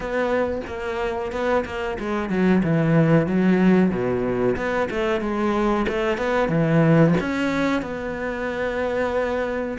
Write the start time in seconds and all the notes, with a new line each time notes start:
0.00 B3
0.67 A#3
1.32 B3
1.65 A#3
1.99 G#3
2.29 F#3
2.63 E3
3.26 F#3
3.90 B2
4.56 B3
4.90 A3
5.20 G#3
5.88 A3
6.17 B3
6.49 E3
7.20 C#4
7.82 B3